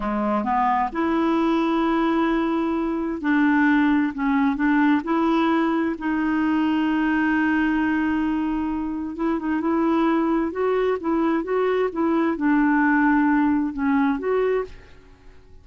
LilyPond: \new Staff \with { instrumentName = "clarinet" } { \time 4/4 \tempo 4 = 131 gis4 b4 e'2~ | e'2. d'4~ | d'4 cis'4 d'4 e'4~ | e'4 dis'2.~ |
dis'1 | e'8 dis'8 e'2 fis'4 | e'4 fis'4 e'4 d'4~ | d'2 cis'4 fis'4 | }